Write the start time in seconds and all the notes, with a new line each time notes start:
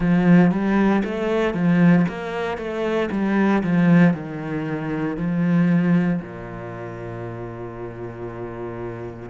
0.00 F3
0.51 G3
1.04 A3
1.53 F3
2.08 A#3
2.57 A3
3.11 G3
3.63 F3
4.13 D#3
5.17 F3
6.21 A#2